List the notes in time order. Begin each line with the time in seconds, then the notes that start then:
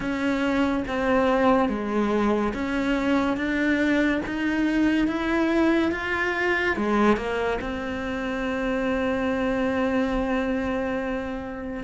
0.00 C#4
0.87 C4
1.69 G#3
2.54 C#4
3.36 D4
4.26 D#4
5.07 E4
5.92 F4
6.76 G#3
7.16 A#3
7.61 C4